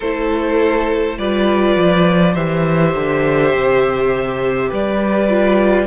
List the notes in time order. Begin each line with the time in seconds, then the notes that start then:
0.00 A3 E4 A4 C5
1.18 G3 F4 B4 D5
1.76 F3
2.33 E3 G4 C5 E5
2.95 D3
3.53 C3
4.69 G3 B4 D5
5.29 F4